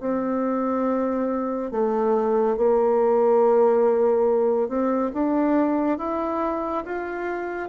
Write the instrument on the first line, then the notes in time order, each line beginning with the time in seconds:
bassoon
0.00 C4
1.71 A3
2.57 A#3
4.68 C4
5.14 D4
5.98 E4
6.85 F4